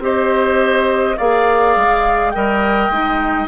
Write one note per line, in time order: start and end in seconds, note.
0.00 1.15 C4
0.00 1.17 G4
0.00 1.17 C5
0.00 1.18 D#5
1.17 1.77 A#3
1.17 2.35 G#4
1.17 2.33 D5
1.17 2.31 F5
1.77 2.34 G#3
2.31 2.89 G3
2.31 2.92 A#4
2.31 3.48 D#5
2.31 3.46 G5
2.89 3.47 G#3
2.89 3.48 D#4